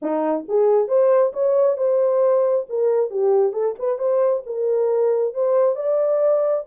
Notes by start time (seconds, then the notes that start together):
0.02 D#4
0.48 G#4
0.88 C5
1.33 C#5
1.77 C5
2.69 A#4
3.10 G4
3.53 A4
3.78 B4
3.98 C5
4.46 A#4
5.34 C5
5.75 D5